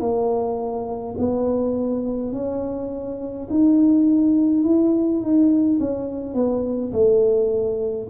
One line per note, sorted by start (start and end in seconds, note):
0.00 1.15 A#3
1.18 2.32 B3
2.32 3.48 C#4
3.50 4.63 D#4
4.63 5.21 E4
5.21 5.78 D#4
5.80 6.34 C#4
6.34 6.92 B3
6.92 8.08 A3